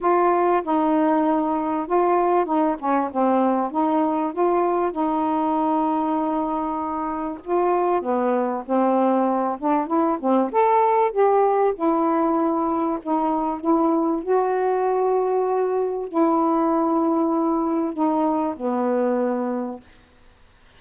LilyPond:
\new Staff \with { instrumentName = "saxophone" } { \time 4/4 \tempo 4 = 97 f'4 dis'2 f'4 | dis'8 cis'8 c'4 dis'4 f'4 | dis'1 | f'4 b4 c'4. d'8 |
e'8 c'8 a'4 g'4 e'4~ | e'4 dis'4 e'4 fis'4~ | fis'2 e'2~ | e'4 dis'4 b2 | }